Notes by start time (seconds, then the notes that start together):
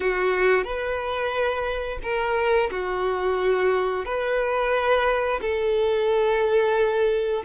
0.00 F#4
0.64 B4
2.02 A#4
2.71 F#4
4.05 B4
5.41 A4